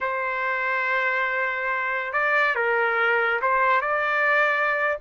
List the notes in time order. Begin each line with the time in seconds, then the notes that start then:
0.00 C5
2.12 D5
2.55 A#4
3.41 C5
3.81 D5